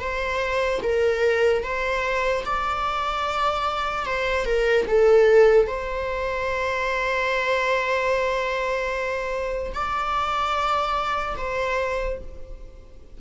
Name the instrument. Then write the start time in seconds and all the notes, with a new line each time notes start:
viola
0.00 C5
0.83 A#4
1.64 C5
2.45 D5
4.06 C5
4.46 A#4
4.88 A4
5.68 C5
9.74 D5
11.37 C5